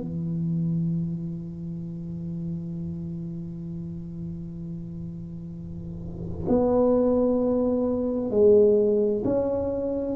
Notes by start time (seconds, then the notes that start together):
0.00 E3
6.48 B3
8.30 G#3
9.24 C#4